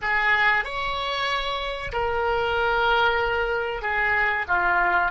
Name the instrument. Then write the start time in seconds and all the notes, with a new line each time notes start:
oboe
0.01 G#4
0.64 C#5
1.92 A#4
3.82 G#4
4.48 F4